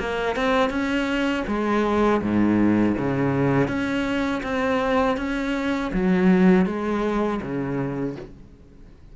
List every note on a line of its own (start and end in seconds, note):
0.00 0.36 A#3
0.36 0.70 C4
0.70 1.44 C#4
1.48 2.22 G#3
2.22 2.96 G#2
2.98 3.68 C#3
3.68 4.42 C#4
4.43 5.18 C4
5.18 5.92 C#4
5.94 6.66 F#3
6.66 7.40 G#3
7.42 8.16 C#3